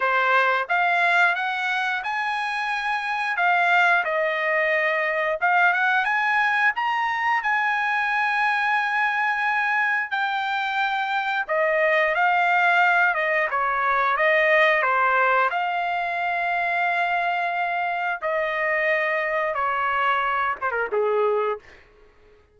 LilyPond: \new Staff \with { instrumentName = "trumpet" } { \time 4/4 \tempo 4 = 89 c''4 f''4 fis''4 gis''4~ | gis''4 f''4 dis''2 | f''8 fis''8 gis''4 ais''4 gis''4~ | gis''2. g''4~ |
g''4 dis''4 f''4. dis''8 | cis''4 dis''4 c''4 f''4~ | f''2. dis''4~ | dis''4 cis''4. c''16 ais'16 gis'4 | }